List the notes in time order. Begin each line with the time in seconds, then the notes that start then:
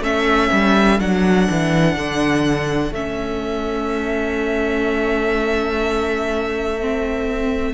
0.00 A3 C#4 A4 E5
0.52 G3
0.99 F#3 D4 F#5
1.50 E3
1.95 D3
2.91 A3 C#4 E5
6.80 C4